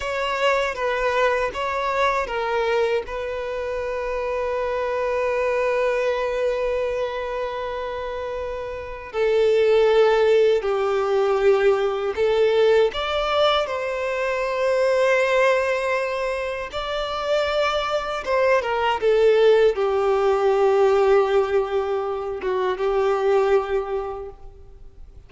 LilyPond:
\new Staff \with { instrumentName = "violin" } { \time 4/4 \tempo 4 = 79 cis''4 b'4 cis''4 ais'4 | b'1~ | b'1 | a'2 g'2 |
a'4 d''4 c''2~ | c''2 d''2 | c''8 ais'8 a'4 g'2~ | g'4. fis'8 g'2 | }